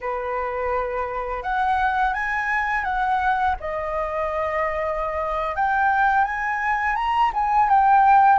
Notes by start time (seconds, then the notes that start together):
0.00 B4
1.43 F#5
2.13 G#5
2.84 F#5
3.60 D#5
5.55 G5
6.24 G#5
6.95 A#5
7.33 G#5
7.69 G5